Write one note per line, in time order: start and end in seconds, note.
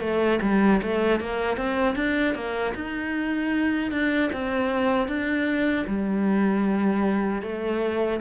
0.00 0.39 A3
0.42 0.81 G3
0.82 1.20 A3
1.20 1.57 A#3
1.57 1.95 C4
1.95 2.34 D4
2.34 2.73 A#3
2.74 3.91 D#4
3.91 4.30 D4
4.32 5.08 C4
5.08 5.85 D4
5.87 7.42 G3
7.42 8.20 A3